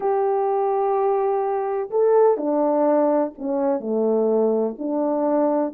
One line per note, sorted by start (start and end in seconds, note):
0.00 1.90 G4
1.90 2.37 A4
2.37 3.32 D4
3.37 3.80 C#4
3.80 4.75 A3
4.78 5.73 D4